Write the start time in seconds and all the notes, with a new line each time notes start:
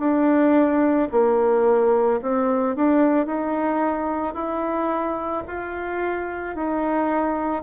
0.00 D4
1.12 A#3
2.22 C4
2.76 D4
3.27 D#4
4.35 E4
5.48 F4
6.56 D#4